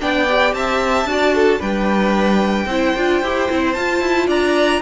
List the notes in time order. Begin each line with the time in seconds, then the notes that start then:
0.00 B3 D4 D5 G5
0.29 G4
0.54 C4 E5 A5
1.05 D4 F#4
1.11 D5
1.35 A4
1.60 G3 D4 B4 G5
2.66 C4 E4 C5
2.96 D4 F4
3.23 E4 G4
3.50 C4 E4
3.73 F4 A5
4.01 E4
4.27 D4 D5 A#5